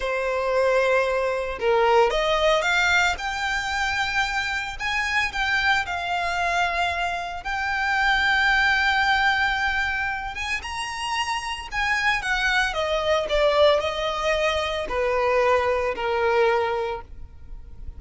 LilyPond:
\new Staff \with { instrumentName = "violin" } { \time 4/4 \tempo 4 = 113 c''2. ais'4 | dis''4 f''4 g''2~ | g''4 gis''4 g''4 f''4~ | f''2 g''2~ |
g''2.~ g''8 gis''8 | ais''2 gis''4 fis''4 | dis''4 d''4 dis''2 | b'2 ais'2 | }